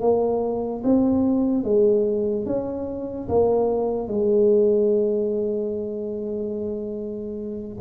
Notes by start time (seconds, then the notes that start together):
0.00 A#3
0.83 C4
1.64 G#3
2.46 C#4
3.28 A#3
4.08 G#3